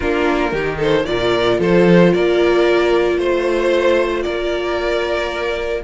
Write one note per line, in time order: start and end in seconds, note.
0.00 0.52 A#3
0.00 0.53 D4
0.00 0.52 F4
0.00 0.78 A#4
0.52 1.05 D#3
0.52 1.05 D#4
0.52 0.77 G4
0.77 1.04 A4
0.77 1.05 C5
1.05 1.59 A#2
1.05 5.83 F4
1.05 1.59 A#4
1.05 1.58 D5
1.59 2.12 F3
1.59 2.12 A4
1.59 2.13 C5
2.12 3.18 A#3
2.12 3.17 A#4
2.12 3.19 D5
3.17 4.24 A3
3.17 4.23 C5
3.17 4.22 C5
4.22 5.84 A#3
4.22 5.83 A#4
4.22 5.82 D5